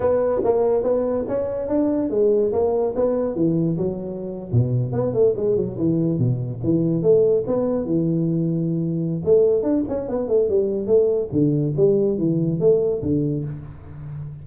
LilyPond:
\new Staff \with { instrumentName = "tuba" } { \time 4/4 \tempo 4 = 143 b4 ais4 b4 cis'4 | d'4 gis4 ais4 b4 | e4 fis4.~ fis16 b,4 b16~ | b16 a8 gis8 fis8 e4 b,4 e16~ |
e8. a4 b4 e4~ e16~ | e2 a4 d'8 cis'8 | b8 a8 g4 a4 d4 | g4 e4 a4 d4 | }